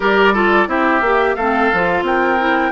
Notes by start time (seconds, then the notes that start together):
0.00 G3 G4 A#4 D5
0.33 F4 A4
0.67 C4 E4 G4 E5
1.01 A#3 G4
1.35 A3 C4 A4 F5
1.72 F3 F4
2.02 C4 A#4 G5
2.38 E4